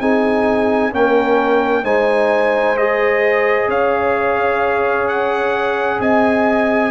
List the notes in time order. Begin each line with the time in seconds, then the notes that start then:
0.00 C4 D#4 G#4 G#5
0.91 A#3 C#4 A#4 G5
1.83 G#3 D#4 C5 G#5
2.77 G#4 D#5
3.68 C#4 C#5 F5
5.08 F#5
5.99 C4 D#5 G#5